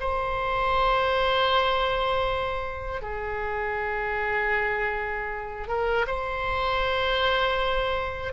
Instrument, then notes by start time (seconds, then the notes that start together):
oboe
0.00 C5
3.02 G#4
5.68 A#4
6.07 C5